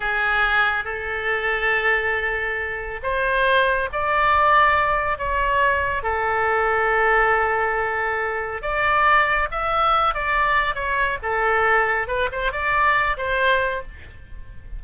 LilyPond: \new Staff \with { instrumentName = "oboe" } { \time 4/4 \tempo 4 = 139 gis'2 a'2~ | a'2. c''4~ | c''4 d''2. | cis''2 a'2~ |
a'1 | d''2 e''4. d''8~ | d''4 cis''4 a'2 | b'8 c''8 d''4. c''4. | }